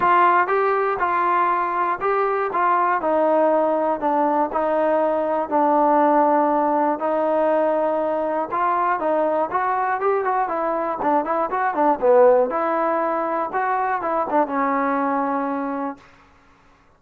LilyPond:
\new Staff \with { instrumentName = "trombone" } { \time 4/4 \tempo 4 = 120 f'4 g'4 f'2 | g'4 f'4 dis'2 | d'4 dis'2 d'4~ | d'2 dis'2~ |
dis'4 f'4 dis'4 fis'4 | g'8 fis'8 e'4 d'8 e'8 fis'8 d'8 | b4 e'2 fis'4 | e'8 d'8 cis'2. | }